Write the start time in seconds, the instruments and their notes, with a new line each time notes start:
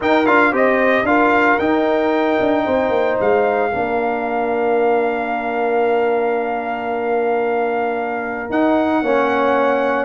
0.00 trombone D#4, tuba D#4, horn A#4, trumpet G5
0.26 tuba D4, trombone F4, trumpet F5
0.51 tuba C4, trombone G4, horn C5, trumpet D#5
1.03 tuba D4, trombone F4, horn A#4, trumpet F5
1.58 tuba D#4, trombone D#4, trumpet G5
2.39 tuba D4
2.64 tuba C4, horn C5
2.89 tuba A#3
3.20 tuba G#3, trumpet F5
3.71 tuba A#3, trombone D4, horn A#4
8.49 tuba D#4, trombone D#4, trumpet F#5
9.02 tuba A#3, trombone C#4, horn C#5